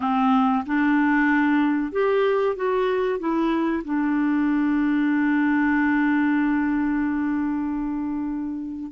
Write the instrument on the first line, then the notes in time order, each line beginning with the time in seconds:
clarinet
0.00 C4
0.66 D4
1.91 G4
2.56 F#4
3.19 E4
3.84 D4